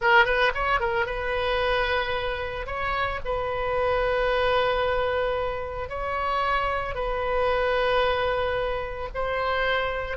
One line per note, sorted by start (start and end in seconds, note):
0.01 0.25 A#4
0.25 0.52 B4
0.54 0.80 C#5
0.80 1.05 A#4
1.05 2.66 B4
2.66 3.19 C#5
3.24 5.89 B4
5.89 6.94 C#5
6.94 9.09 B4
9.14 10.17 C5